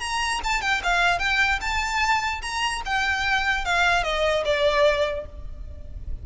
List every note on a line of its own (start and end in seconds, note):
0.00 0.40 A#5
0.44 0.61 A5
0.61 0.81 G5
0.84 1.19 F5
1.19 1.59 G5
1.61 2.42 A5
2.42 2.82 A#5
2.86 3.65 G5
3.65 4.04 F5
4.04 4.44 D#5
4.45 5.26 D5